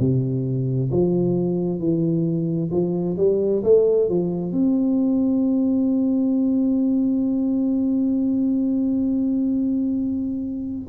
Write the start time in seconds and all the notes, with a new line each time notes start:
0.00 C3
0.92 F3
1.80 E3
2.72 F3
3.18 G3
3.64 A3
4.09 F3
4.52 C4